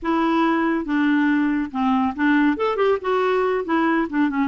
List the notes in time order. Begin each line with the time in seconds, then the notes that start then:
0.02 E4
0.85 D4
1.71 C4
2.15 D4
2.56 A4
2.76 G4
3.01 F#4
3.64 E4
4.09 D4
4.29 C#4